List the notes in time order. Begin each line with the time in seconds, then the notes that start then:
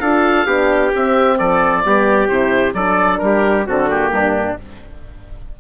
0.00 D4 F4 A4 F5
0.46 B3 D4 G4
0.94 C4 E5
1.39 F3 A4 D5
1.85 G3 B3 G4
2.28 C3 E4 C5
2.74 F#3 D4 A4 D5
3.18 G3 A#4
3.25 G4
3.66 D3 C4 F#4 A4
3.89 A#3 G4
4.10 G2 D4